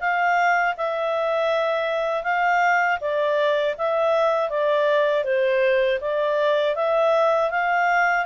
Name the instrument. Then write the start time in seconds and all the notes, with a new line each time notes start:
clarinet
0.00 F5
0.77 E5
2.24 F5
3.00 D5
3.78 E5
4.50 D5
5.24 C5
6.00 D5
6.75 E5
7.50 F5